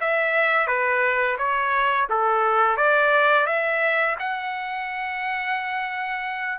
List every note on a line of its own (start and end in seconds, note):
0.00 0.67 E5
0.67 1.37 B4
1.38 2.07 C#5
2.10 2.77 A4
2.77 3.46 D5
3.46 4.16 E5
4.19 6.59 F#5